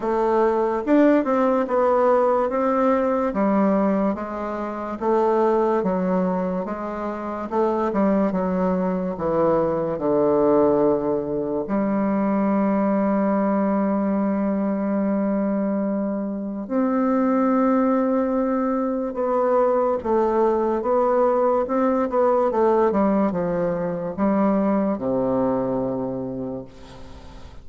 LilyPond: \new Staff \with { instrumentName = "bassoon" } { \time 4/4 \tempo 4 = 72 a4 d'8 c'8 b4 c'4 | g4 gis4 a4 fis4 | gis4 a8 g8 fis4 e4 | d2 g2~ |
g1 | c'2. b4 | a4 b4 c'8 b8 a8 g8 | f4 g4 c2 | }